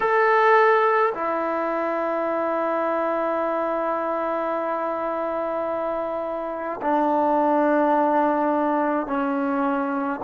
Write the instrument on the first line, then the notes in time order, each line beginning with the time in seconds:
trombone
0.00 A4
1.14 E4
6.81 D4
9.06 C#4